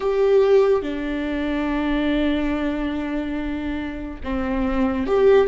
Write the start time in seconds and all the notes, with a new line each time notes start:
0.00 G4
0.82 D4
4.23 C4
5.06 G4